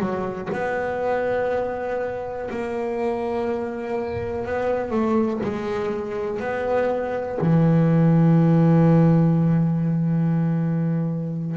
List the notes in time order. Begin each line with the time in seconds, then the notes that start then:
0.00 F#3
0.53 B3
2.51 A#3
4.46 B3
4.91 A3
5.44 G#3
6.40 B3
7.41 E3